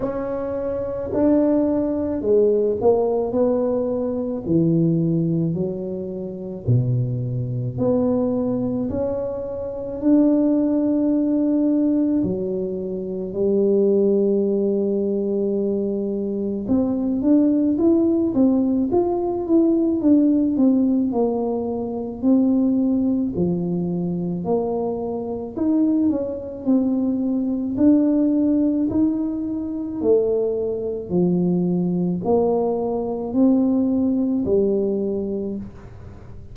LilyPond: \new Staff \with { instrumentName = "tuba" } { \time 4/4 \tempo 4 = 54 cis'4 d'4 gis8 ais8 b4 | e4 fis4 b,4 b4 | cis'4 d'2 fis4 | g2. c'8 d'8 |
e'8 c'8 f'8 e'8 d'8 c'8 ais4 | c'4 f4 ais4 dis'8 cis'8 | c'4 d'4 dis'4 a4 | f4 ais4 c'4 g4 | }